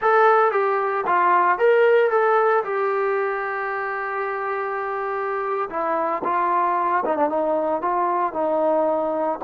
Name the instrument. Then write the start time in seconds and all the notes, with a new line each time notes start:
trombone
0.01 A4
0.51 G4
1.06 F4
1.58 A#4
2.10 A4
2.64 G4
5.69 E4
6.24 F4
7.05 D#4
7.16 D4
7.29 D#4
7.81 F4
8.33 D#4